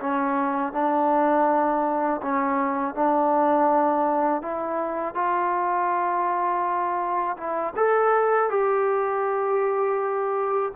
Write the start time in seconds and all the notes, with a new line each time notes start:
0.00 C#4
0.72 D4
2.22 C#4
2.94 D4
4.42 E4
5.14 F4
7.37 E4
7.76 A4
8.49 G4